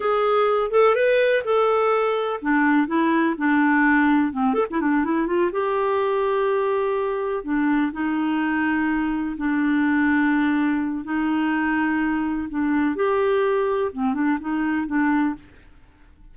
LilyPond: \new Staff \with { instrumentName = "clarinet" } { \time 4/4 \tempo 4 = 125 gis'4. a'8 b'4 a'4~ | a'4 d'4 e'4 d'4~ | d'4 c'8 a'16 e'16 d'8 e'8 f'8 g'8~ | g'2.~ g'8 d'8~ |
d'8 dis'2. d'8~ | d'2. dis'4~ | dis'2 d'4 g'4~ | g'4 c'8 d'8 dis'4 d'4 | }